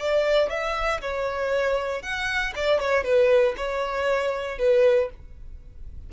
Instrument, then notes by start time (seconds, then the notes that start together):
violin
0.00 D5
0.50 E5
1.01 C#5
2.03 F#5
2.56 D5
2.80 C#5
3.04 B4
3.57 C#5
4.59 B4